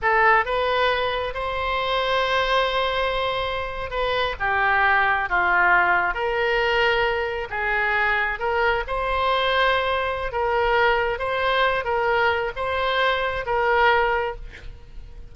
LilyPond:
\new Staff \with { instrumentName = "oboe" } { \time 4/4 \tempo 4 = 134 a'4 b'2 c''4~ | c''1~ | c''8. b'4 g'2 f'16~ | f'4.~ f'16 ais'2~ ais'16~ |
ais'8. gis'2 ais'4 c''16~ | c''2. ais'4~ | ais'4 c''4. ais'4. | c''2 ais'2 | }